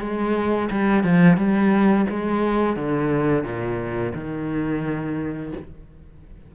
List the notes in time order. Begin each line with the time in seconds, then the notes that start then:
0.00 G#3
0.71 G3
1.03 F3
1.37 G3
2.10 G#3
2.76 D3
3.44 A#2
4.14 D#3